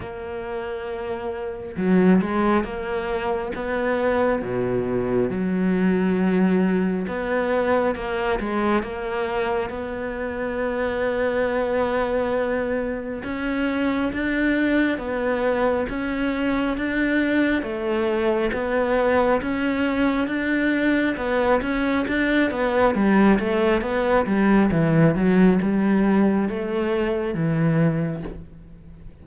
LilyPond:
\new Staff \with { instrumentName = "cello" } { \time 4/4 \tempo 4 = 68 ais2 fis8 gis8 ais4 | b4 b,4 fis2 | b4 ais8 gis8 ais4 b4~ | b2. cis'4 |
d'4 b4 cis'4 d'4 | a4 b4 cis'4 d'4 | b8 cis'8 d'8 b8 g8 a8 b8 g8 | e8 fis8 g4 a4 e4 | }